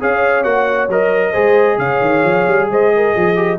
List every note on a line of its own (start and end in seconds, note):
0.00 0.45 C#4
0.00 0.44 G#4
0.00 1.32 C#5
0.00 0.44 F5
0.44 0.89 A#3
0.44 0.89 F#4
0.44 0.89 F#5
0.89 1.34 F#3
0.89 1.34 A#4
0.89 1.79 D#5
1.32 1.78 G#3
1.32 3.36 G#4
1.32 1.77 C5
1.78 2.01 C#3
1.78 2.69 C#5
1.78 2.69 F5
2.01 2.24 D#3
2.24 2.46 F3
2.48 2.69 G3
2.69 3.14 G#3
2.69 2.94 C5
2.69 3.59 D#5
2.96 3.15 A#4
3.15 3.59 F3
3.15 3.59 G#4
3.36 3.58 G4